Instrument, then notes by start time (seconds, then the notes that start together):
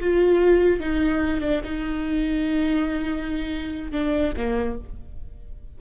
viola
0.00 F4
0.80 D#4
1.41 D4
1.64 D#4
3.92 D4
4.37 A#3